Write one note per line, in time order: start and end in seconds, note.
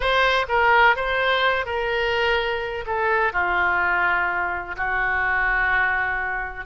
0.00 0.46 C5
0.48 0.96 A#4
0.96 1.65 C5
1.65 2.84 A#4
2.86 3.32 A4
3.32 4.75 F4
4.77 6.65 F#4